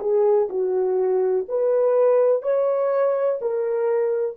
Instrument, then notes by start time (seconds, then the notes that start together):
horn
0.00 G#4
0.49 F#4
1.48 B4
2.42 C#5
3.41 A#4